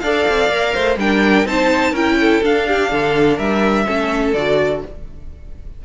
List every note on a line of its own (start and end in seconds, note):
0.00 0.27 D4
0.00 0.51 A4
0.00 0.74 D5
0.00 0.96 F5
0.28 0.49 C4
0.49 0.73 A#3
0.49 0.99 A#4
0.74 0.97 A3
0.74 0.98 C5
0.97 1.45 G3
0.97 1.46 D4
0.97 1.48 A#4
0.97 1.47 G5
1.45 1.92 C4
1.45 1.94 D#4
1.45 1.91 C5
1.45 1.95 A5
1.91 2.40 C#4
1.91 2.43 E4
1.91 2.15 A#4
1.91 2.44 G5
2.20 2.68 A4
2.43 3.86 D4
2.43 2.92 D4
2.43 3.39 F5
2.68 2.92 G4
2.92 3.39 D3
2.92 3.37 A4
3.37 3.87 G3
3.37 3.85 A#4
3.37 4.33 E5
3.86 4.34 A3
3.86 4.34 C#4
3.86 4.83 A4
4.33 4.82 D3
4.33 4.85 F#4
4.33 4.82 D5